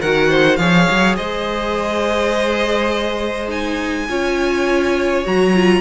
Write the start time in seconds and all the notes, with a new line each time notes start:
0.00 D#3 F#4 A#4 F#5
0.29 C5
0.56 F3 G#4 C#5 F5
0.90 F#3
1.16 G#3 C5 D#5
3.47 D#4 G#5
4.08 C#4 F4 C#5
5.24 F#3 F#4 A#5
5.55 F4